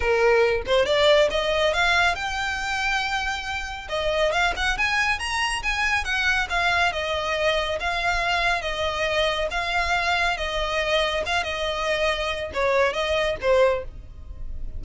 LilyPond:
\new Staff \with { instrumentName = "violin" } { \time 4/4 \tempo 4 = 139 ais'4. c''8 d''4 dis''4 | f''4 g''2.~ | g''4 dis''4 f''8 fis''8 gis''4 | ais''4 gis''4 fis''4 f''4 |
dis''2 f''2 | dis''2 f''2 | dis''2 f''8 dis''4.~ | dis''4 cis''4 dis''4 c''4 | }